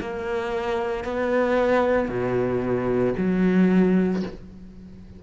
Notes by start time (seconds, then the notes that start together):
0.00 A#3
1.04 B3
2.09 B2
3.17 F#3